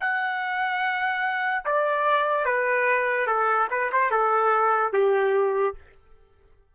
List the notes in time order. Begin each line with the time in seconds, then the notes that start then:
0.00 F#5
1.65 D5
2.45 B4
3.27 A4
3.70 B4
3.92 C5
4.10 A4
4.92 G4